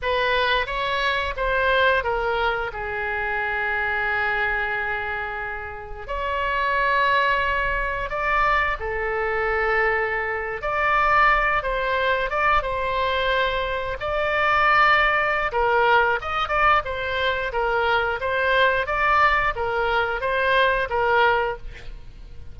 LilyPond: \new Staff \with { instrumentName = "oboe" } { \time 4/4 \tempo 4 = 89 b'4 cis''4 c''4 ais'4 | gis'1~ | gis'4 cis''2. | d''4 a'2~ a'8. d''16~ |
d''4~ d''16 c''4 d''8 c''4~ c''16~ | c''8. d''2~ d''16 ais'4 | dis''8 d''8 c''4 ais'4 c''4 | d''4 ais'4 c''4 ais'4 | }